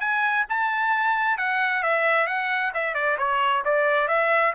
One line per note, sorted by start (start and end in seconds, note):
0.00 0.45 G#5
0.49 1.38 A5
1.38 1.83 F#5
1.83 2.27 E5
2.27 2.72 F#5
2.74 2.94 E5
2.94 3.17 D5
3.18 3.63 C#5
3.65 4.08 D5
4.08 4.53 E5